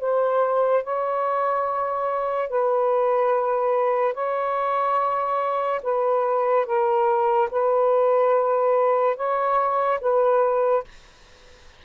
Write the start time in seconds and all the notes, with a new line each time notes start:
0.00 C5
0.83 C#5
2.49 B4
4.14 C#5
5.83 B4
6.66 A#4
7.51 B4
9.16 C#5
10.00 B4